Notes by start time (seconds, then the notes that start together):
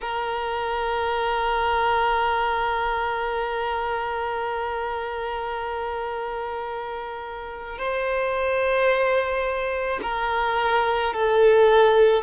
0.01 A#4
7.78 C5
10.02 A#4
11.13 A4